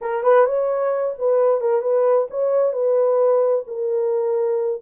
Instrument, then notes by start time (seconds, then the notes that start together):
horn
0.01 A#4
0.23 B4
0.46 C#5
1.18 B4
1.61 A#4
1.81 B4
2.30 C#5
2.72 B4
3.67 A#4